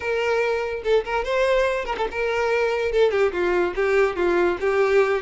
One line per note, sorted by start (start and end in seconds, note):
0.00 0.83 A#4
0.83 1.04 A4
1.04 1.24 A#4
1.24 1.85 C5
1.85 1.95 A#4
1.97 2.08 A4
2.11 2.92 A#4
2.92 3.11 A4
3.11 3.32 G4
3.32 3.73 F4
3.75 4.16 G4
4.16 4.57 F4
4.60 5.22 G4